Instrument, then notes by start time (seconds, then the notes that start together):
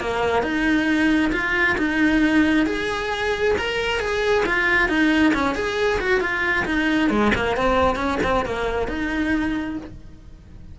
cello
0.00 A#3
0.42 D#4
1.32 F4
1.77 D#4
2.66 G#4
3.58 A#4
4.00 G#4
4.46 F4
4.88 D#4
5.34 C#4
5.55 G#4
6.00 F#4
6.20 F4
6.65 D#4
7.09 G#3
7.35 A#3
7.57 C4
7.96 C#4
8.23 C4
8.45 A#3
8.88 D#4